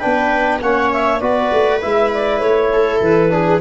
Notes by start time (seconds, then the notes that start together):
0.00 B3 D4 B4 G5
0.61 A#3 C#4 C#5 F#5
0.93 E5
1.20 B3 F#4 B4 D5
1.53 A3
1.81 G#3 E4 E5
2.14 D5
2.40 A3 C#5
2.73 A4
3.01 E3 B4
3.30 D4 G#4